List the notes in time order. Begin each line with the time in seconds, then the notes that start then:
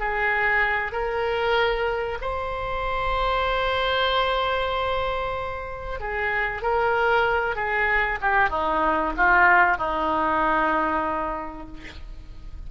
0.00 G#4
0.92 A#4
2.22 C5
6.01 G#4
6.63 A#4
7.56 G#4
8.22 G4
8.50 D#4
9.17 F4
9.78 D#4